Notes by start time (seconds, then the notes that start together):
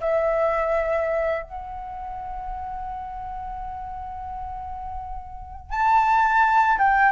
0.00 E5
1.43 F#5
5.70 A5
6.78 G5